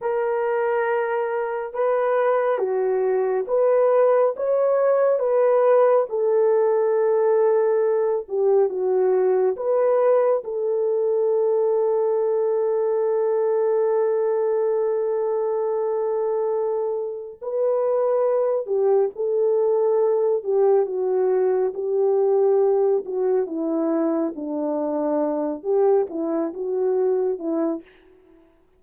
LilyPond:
\new Staff \with { instrumentName = "horn" } { \time 4/4 \tempo 4 = 69 ais'2 b'4 fis'4 | b'4 cis''4 b'4 a'4~ | a'4. g'8 fis'4 b'4 | a'1~ |
a'1 | b'4. g'8 a'4. g'8 | fis'4 g'4. fis'8 e'4 | d'4. g'8 e'8 fis'4 e'8 | }